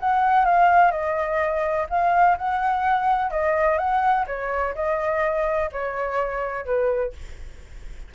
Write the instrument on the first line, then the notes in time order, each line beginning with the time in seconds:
flute
0.00 F#5
0.45 F5
0.91 D#5
1.89 F5
2.37 F#5
3.31 D#5
3.78 F#5
4.27 C#5
4.75 D#5
5.72 C#5
6.65 B4